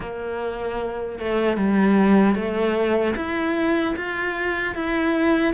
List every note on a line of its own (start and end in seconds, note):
0.00 1.18 A#3
1.18 1.56 A3
1.56 2.35 G3
2.35 3.14 A3
3.15 3.94 E4
3.96 4.75 F4
4.75 5.53 E4